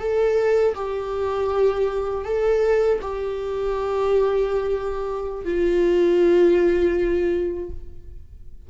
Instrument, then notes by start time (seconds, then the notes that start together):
viola
0.00 A4
0.75 G4
2.25 A4
3.02 G4
5.45 F4